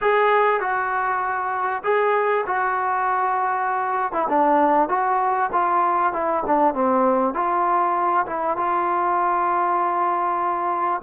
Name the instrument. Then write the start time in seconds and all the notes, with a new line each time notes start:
trombone
0.01 G#4
0.60 F#4
1.83 G#4
2.46 F#4
4.12 E4
4.29 D4
4.88 F#4
5.52 F4
6.12 E4
6.46 D4
6.74 C4
7.34 F4
8.26 E4
8.57 F4